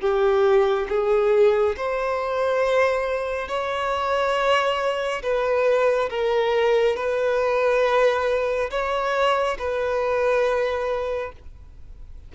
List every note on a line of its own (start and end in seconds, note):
0.00 0.87 G4
0.89 1.75 G#4
1.76 3.48 C5
3.48 5.22 C#5
5.22 6.09 B4
6.09 6.96 A#4
6.96 8.70 B4
8.70 9.57 C#5
9.58 11.32 B4